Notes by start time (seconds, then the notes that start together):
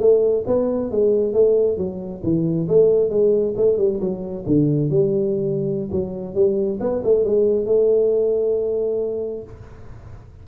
0.00 A3
0.47 B3
0.92 G#3
1.34 A3
1.78 F#3
2.24 E3
2.68 A3
3.10 G#3
3.57 A3
3.78 G3
4.01 F#3
4.46 D3
4.90 G3
5.92 F#3
6.35 G3
6.81 B3
7.04 A3
7.25 G#3
7.66 A3